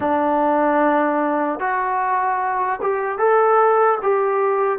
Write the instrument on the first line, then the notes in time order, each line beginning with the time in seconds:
trombone
0.00 D4
1.59 F#4
2.81 G4
3.18 A4
4.02 G4